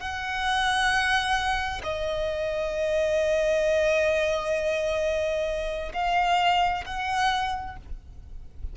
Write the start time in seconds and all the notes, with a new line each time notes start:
0.00 F#5
1.84 D#5
5.94 F5
6.86 F#5